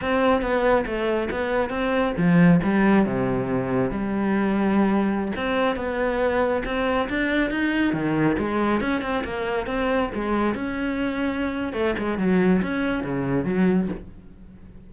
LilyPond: \new Staff \with { instrumentName = "cello" } { \time 4/4 \tempo 4 = 138 c'4 b4 a4 b4 | c'4 f4 g4 c4~ | c4 g2.~ | g16 c'4 b2 c'8.~ |
c'16 d'4 dis'4 dis4 gis8.~ | gis16 cis'8 c'8 ais4 c'4 gis8.~ | gis16 cis'2~ cis'8. a8 gis8 | fis4 cis'4 cis4 fis4 | }